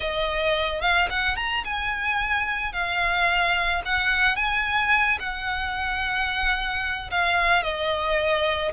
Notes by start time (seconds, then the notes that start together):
0.00 D#5
0.81 F5
1.10 F#5
1.36 A#5
1.64 G#5
2.72 F5
3.85 F#5
4.36 G#5
5.19 F#5
7.10 F5
7.62 D#5